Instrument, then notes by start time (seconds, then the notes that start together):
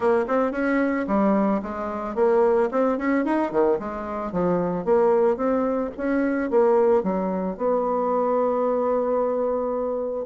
bassoon
0.00 A#3
0.27 C4
0.51 C#4
1.07 G3
1.62 G#3
2.15 A#3
2.71 C4
2.97 C#4
3.25 D#4
3.51 D#3
3.79 G#3
4.32 F3
4.84 A#3
5.37 C4
5.97 C#4
6.50 A#3
7.03 F#3
7.57 B3